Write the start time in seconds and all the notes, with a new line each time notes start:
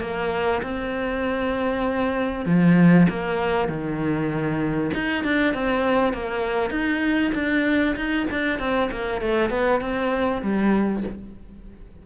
0.00 A#3
0.62 C4
2.45 F3
3.09 A#3
3.68 D#3
4.94 D#4
5.23 D4
5.54 C4
6.13 A#3
6.70 D#4
7.34 D4
7.95 D#4
8.30 D4
8.59 C4
8.91 A#3
9.21 A3
9.50 B3
9.80 C4
10.42 G3